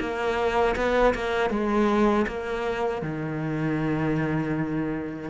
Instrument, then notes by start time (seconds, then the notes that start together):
cello
0.00 A#3
0.76 B3
1.14 A#3
1.50 G#3
2.27 A#3
3.02 D#3